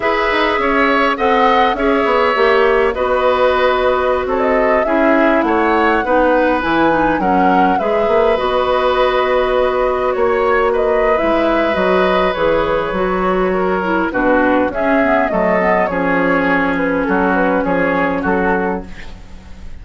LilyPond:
<<
  \new Staff \with { instrumentName = "flute" } { \time 4/4 \tempo 4 = 102 e''2 fis''4 e''4~ | e''4 dis''2~ dis''16 cis''16 dis''8~ | dis''16 e''4 fis''2 gis''8.~ | gis''16 fis''4 e''4 dis''4.~ dis''16~ |
dis''4~ dis''16 cis''4 dis''8. e''4 | dis''4 cis''2. | b'4 e''4 dis''4 cis''4~ | cis''8 b'8 a'8 b'8 cis''4 a'4 | }
  \new Staff \with { instrumentName = "oboe" } { \time 4/4 b'4 cis''4 dis''4 cis''4~ | cis''4 b'2~ b'16 a'8.~ | a'16 gis'4 cis''4 b'4.~ b'16~ | b'16 ais'4 b'2~ b'8.~ |
b'4~ b'16 cis''4 b'4.~ b'16~ | b'2. ais'4 | fis'4 gis'4 a'4 gis'4~ | gis'4 fis'4 gis'4 fis'4 | }
  \new Staff \with { instrumentName = "clarinet" } { \time 4/4 gis'2 a'4 gis'4 | g'4 fis'2.~ | fis'16 e'2 dis'4 e'8 dis'16~ | dis'16 cis'4 gis'4 fis'4.~ fis'16~ |
fis'2. e'4 | fis'4 gis'4 fis'4. e'8 | d'4 cis'8 b8 a8 b8 cis'4~ | cis'1 | }
  \new Staff \with { instrumentName = "bassoon" } { \time 4/4 e'8 dis'8 cis'4 c'4 cis'8 b8 | ais4 b2~ b16 c'8.~ | c'16 cis'4 a4 b4 e8.~ | e16 fis4 gis8 ais8 b4.~ b16~ |
b4~ b16 ais4.~ ais16 gis4 | fis4 e4 fis2 | b,4 cis'4 fis4 f4~ | f4 fis4 f4 fis4 | }
>>